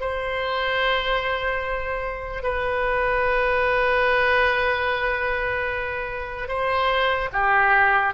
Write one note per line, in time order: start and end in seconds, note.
0.00 2.43 C5
2.43 6.48 B4
6.48 7.29 C5
7.33 8.13 G4